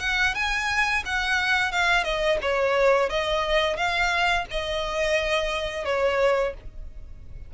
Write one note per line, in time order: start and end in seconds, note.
0.00 0.34 F#5
0.34 1.03 G#5
1.05 1.72 F#5
1.72 2.04 F5
2.04 2.38 D#5
2.42 3.09 C#5
3.09 3.76 D#5
3.76 4.45 F5
4.50 5.85 D#5
5.85 6.54 C#5